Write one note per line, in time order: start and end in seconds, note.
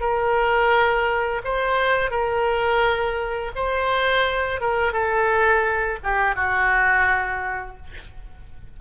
0.00 1.41 A#4
1.44 2.10 C5
2.10 3.52 A#4
3.55 4.60 C5
4.60 4.93 A#4
4.93 5.98 A4
6.03 6.35 G4
6.35 7.76 F#4